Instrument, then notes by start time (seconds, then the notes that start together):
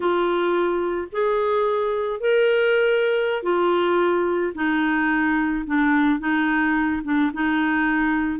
clarinet
0.00 F4
1.12 G#4
2.20 A#4
3.43 F4
4.54 D#4
5.66 D4
6.19 D#4
7.04 D4
7.33 D#4